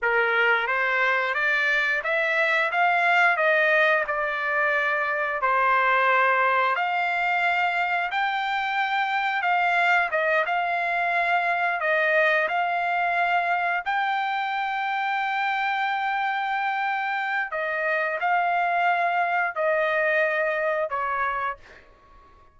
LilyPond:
\new Staff \with { instrumentName = "trumpet" } { \time 4/4 \tempo 4 = 89 ais'4 c''4 d''4 e''4 | f''4 dis''4 d''2 | c''2 f''2 | g''2 f''4 dis''8 f''8~ |
f''4. dis''4 f''4.~ | f''8 g''2.~ g''8~ | g''2 dis''4 f''4~ | f''4 dis''2 cis''4 | }